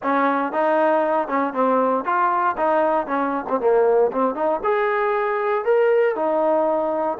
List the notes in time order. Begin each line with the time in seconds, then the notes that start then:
0.03 C#4
0.52 D#4
1.28 C#4
1.53 C4
2.04 F4
2.57 D#4
3.06 C#4
3.48 C4
3.59 A#3
4.12 C4
4.34 D#4
4.63 G#4
5.64 A#4
6.15 D#4